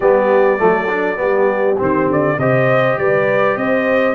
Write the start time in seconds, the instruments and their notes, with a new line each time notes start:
0.00 tuba G3, trombone B3, horn G4, trumpet D5
0.58 tuba F#3, trombone A3, horn A4
0.88 trombone D4
1.16 tuba G3, trombone B3, horn G4
1.77 tuba D#3, trombone C4, trumpet C5
2.07 tuba D3, trumpet D5
2.37 tuba C3, trombone G4, horn C5, trumpet D#5
2.98 tuba G3, horn B4, trumpet D5
3.56 tuba C4, horn C5, trumpet D#5